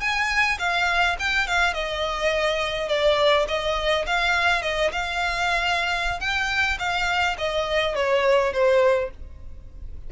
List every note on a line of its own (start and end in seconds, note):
0.00 0.58 G#5
0.58 1.16 F5
1.19 1.47 G5
1.47 1.73 F5
1.73 2.88 D#5
2.88 3.46 D5
3.48 4.05 D#5
4.06 4.62 F5
4.62 4.91 D#5
4.92 6.20 F5
6.20 6.78 G5
6.78 7.36 F5
7.38 7.95 D#5
7.95 8.52 C#5
8.52 9.10 C5